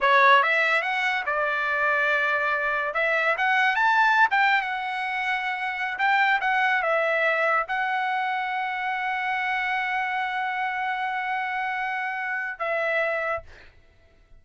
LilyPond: \new Staff \with { instrumentName = "trumpet" } { \time 4/4 \tempo 4 = 143 cis''4 e''4 fis''4 d''4~ | d''2. e''4 | fis''4 a''4~ a''16 g''8. fis''4~ | fis''2~ fis''16 g''4 fis''8.~ |
fis''16 e''2 fis''4.~ fis''16~ | fis''1~ | fis''1~ | fis''2 e''2 | }